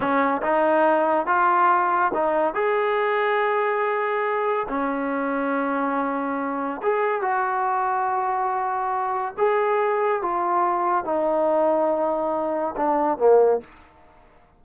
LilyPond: \new Staff \with { instrumentName = "trombone" } { \time 4/4 \tempo 4 = 141 cis'4 dis'2 f'4~ | f'4 dis'4 gis'2~ | gis'2. cis'4~ | cis'1 |
gis'4 fis'2.~ | fis'2 gis'2 | f'2 dis'2~ | dis'2 d'4 ais4 | }